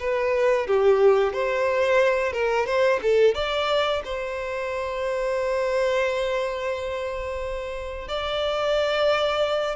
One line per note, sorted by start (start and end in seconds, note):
0.00 0.67 B4
0.67 1.33 G4
1.33 2.33 C5
2.33 2.66 A#4
2.66 3.00 C5
3.02 3.35 A4
3.35 4.02 D5
4.04 8.08 C5
8.08 9.75 D5